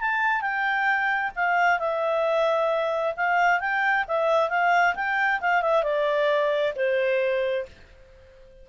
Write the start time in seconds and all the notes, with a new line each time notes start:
0.00 A5
0.41 G5
1.35 F5
1.79 E5
3.16 F5
3.60 G5
4.07 E5
4.49 F5
4.95 G5
5.40 F5
5.62 E5
5.83 D5
6.75 C5